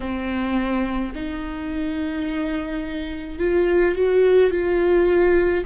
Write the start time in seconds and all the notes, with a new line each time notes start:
0.00 C4
1.14 D#4
3.38 F4
3.95 F#4
4.50 F4